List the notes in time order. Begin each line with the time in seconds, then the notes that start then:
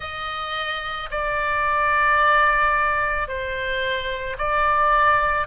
0.00 D#5
1.11 D5
3.27 C5
4.38 D5